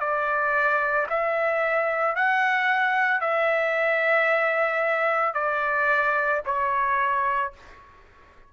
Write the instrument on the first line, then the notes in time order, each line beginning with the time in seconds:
trumpet
0.00 D5
1.10 E5
2.15 F#5
3.21 E5
5.34 D5
6.46 C#5